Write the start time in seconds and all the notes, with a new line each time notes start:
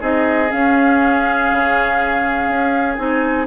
0.00 C4 D#4 G#4 D#5
0.50 C#4 F5
1.53 C#3
2.48 C#4
2.97 C4 D#4 G#5